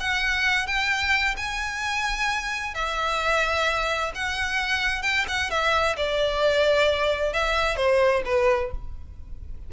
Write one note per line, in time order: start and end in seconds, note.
0.00 0.67 F#5
0.67 1.36 G5
1.37 2.75 G#5
2.75 4.12 E5
4.15 5.03 F#5
5.03 5.25 G5
5.28 5.50 F#5
5.50 5.96 E5
5.97 7.33 D5
7.33 7.77 E5
7.77 8.22 C5
8.25 8.71 B4